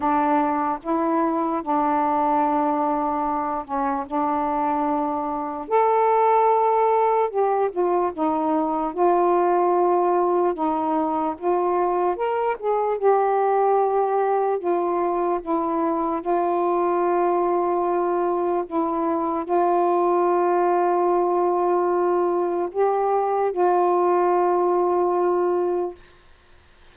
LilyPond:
\new Staff \with { instrumentName = "saxophone" } { \time 4/4 \tempo 4 = 74 d'4 e'4 d'2~ | d'8 cis'8 d'2 a'4~ | a'4 g'8 f'8 dis'4 f'4~ | f'4 dis'4 f'4 ais'8 gis'8 |
g'2 f'4 e'4 | f'2. e'4 | f'1 | g'4 f'2. | }